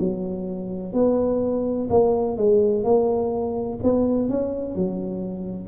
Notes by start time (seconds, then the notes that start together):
0.00 F#3
0.94 B3
1.90 A#3
2.38 G#3
2.84 A#3
3.84 B3
4.30 C#4
4.76 F#3